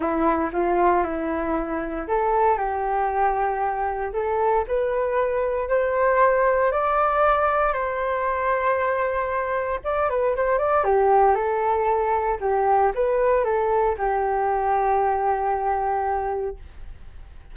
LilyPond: \new Staff \with { instrumentName = "flute" } { \time 4/4 \tempo 4 = 116 e'4 f'4 e'2 | a'4 g'2. | a'4 b'2 c''4~ | c''4 d''2 c''4~ |
c''2. d''8 b'8 | c''8 d''8 g'4 a'2 | g'4 b'4 a'4 g'4~ | g'1 | }